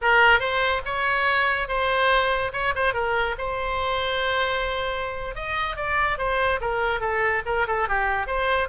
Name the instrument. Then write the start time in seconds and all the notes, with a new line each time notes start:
oboe
0.01 A#4
0.39 C5
0.85 C#5
1.68 C5
2.53 C#5
2.75 C5
2.93 A#4
3.38 C5
5.35 D#5
5.76 D5
6.18 C5
6.60 A#4
7.00 A4
7.45 A#4
7.67 A4
7.88 G4
8.26 C5